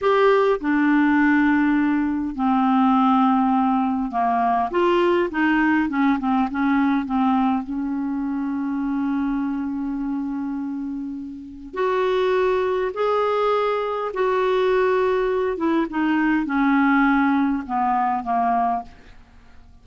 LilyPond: \new Staff \with { instrumentName = "clarinet" } { \time 4/4 \tempo 4 = 102 g'4 d'2. | c'2. ais4 | f'4 dis'4 cis'8 c'8 cis'4 | c'4 cis'2.~ |
cis'1 | fis'2 gis'2 | fis'2~ fis'8 e'8 dis'4 | cis'2 b4 ais4 | }